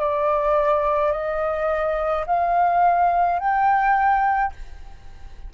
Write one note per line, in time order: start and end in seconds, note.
0.00 1.12 D5
1.12 2.25 D#5
2.27 3.40 F5
3.40 4.53 G5